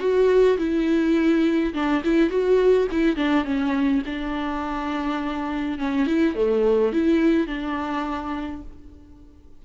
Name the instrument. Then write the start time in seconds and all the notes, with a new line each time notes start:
viola
0.00 F#4
0.58 E4
1.74 D4
2.04 E4
2.30 F#4
2.92 E4
3.17 D4
3.45 C#4
4.06 D4
5.79 C#4
6.07 E4
6.35 A3
6.93 E4
7.47 D4